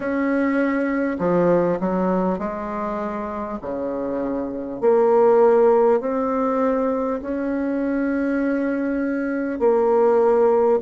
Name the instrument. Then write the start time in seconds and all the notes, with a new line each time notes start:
bassoon
0.00 C#4
1.18 F3
1.79 F#3
2.38 G#3
3.61 C#3
4.81 A#3
6.00 C4
7.21 C#4
9.59 A#3